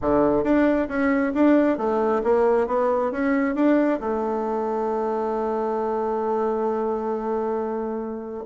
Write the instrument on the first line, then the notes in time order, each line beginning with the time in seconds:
bassoon
0.01 D3
0.43 D4
0.88 C#4
1.34 D4
1.77 A3
2.23 A#3
2.67 B3
3.11 C#4
3.55 D4
3.99 A3